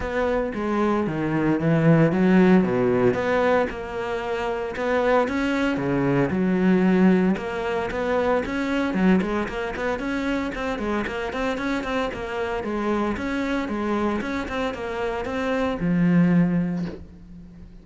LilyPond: \new Staff \with { instrumentName = "cello" } { \time 4/4 \tempo 4 = 114 b4 gis4 dis4 e4 | fis4 b,4 b4 ais4~ | ais4 b4 cis'4 cis4 | fis2 ais4 b4 |
cis'4 fis8 gis8 ais8 b8 cis'4 | c'8 gis8 ais8 c'8 cis'8 c'8 ais4 | gis4 cis'4 gis4 cis'8 c'8 | ais4 c'4 f2 | }